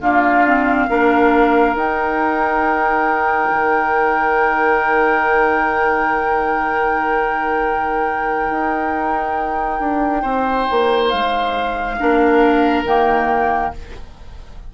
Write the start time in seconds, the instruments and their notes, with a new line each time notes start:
0.00 clarinet A#3, bassoon D4, oboe F4, flute F5
0.47 clarinet C4
0.90 bassoon A#3, clarinet D4, oboe A#4
1.76 bassoon D#4, clarinet D#4, flute G5
3.51 bassoon D#3
8.51 bassoon D#4
9.80 bassoon D4
10.22 bassoon C4, oboe C5
10.71 bassoon A#3
11.10 bassoon G#3, flute F5
12.00 bassoon A#3, clarinet D4, oboe A#4
12.84 bassoon D#3, clarinet A#3, flute G5